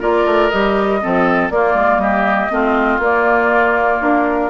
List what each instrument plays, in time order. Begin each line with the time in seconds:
0.00 bassoon A#3, clarinet F4, oboe A#4, flute D5
0.25 bassoon A3
0.50 bassoon G3, clarinet G4, flute D#5
1.01 bassoon F3, clarinet C4, oboe A4
1.50 bassoon A#3, clarinet A#3, oboe F4, flute D5
1.74 bassoon G#3
1.97 bassoon G3, oboe G4, flute D#5
2.50 bassoon A3, clarinet C4, oboe F4
2.99 bassoon A#3, clarinet A#3, flute D5
4.01 bassoon D4, flute A#4